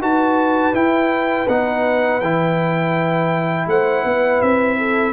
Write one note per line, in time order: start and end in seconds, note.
0.00 0.73 D#4
0.00 0.74 F#4
0.00 3.67 B4
0.00 0.75 A5
0.74 1.47 E4
0.74 1.48 G5
1.48 2.21 B3
1.48 2.22 D#4
1.48 2.21 F#5
2.21 3.67 E3
2.21 5.13 E4
2.21 3.67 G5
3.67 4.03 A3
3.67 4.04 C5
3.67 4.42 F#5
4.04 4.41 B3
4.04 4.77 B4
4.42 5.13 C4
4.42 5.13 E5
4.78 5.13 A4